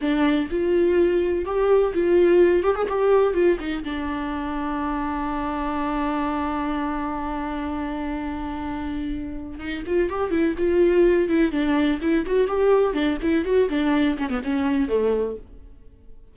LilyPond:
\new Staff \with { instrumentName = "viola" } { \time 4/4 \tempo 4 = 125 d'4 f'2 g'4 | f'4. g'16 gis'16 g'4 f'8 dis'8 | d'1~ | d'1~ |
d'1 | dis'8 f'8 g'8 e'8 f'4. e'8 | d'4 e'8 fis'8 g'4 d'8 e'8 | fis'8 d'4 cis'16 b16 cis'4 a4 | }